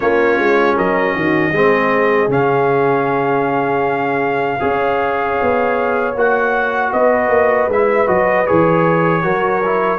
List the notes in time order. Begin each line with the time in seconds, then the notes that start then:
0.00 A#3 C#4 F4 C#5
0.38 G#3
0.75 F#3 A#4 D#5
1.15 D#3 F#4
1.52 G#3 C4 G#4
2.28 C#3 C#4 F5
4.59 C#4 G#4 C#5
5.42 B3
6.15 A#3 F#4 F#5
6.92 B3 B4 D#5
7.29 A#3
7.67 G#3 E4 E5
8.06 F#3 F#4 D#5
8.46 E3 G#4 C#5
9.23 F#3 F#4 A#4
9.65 E4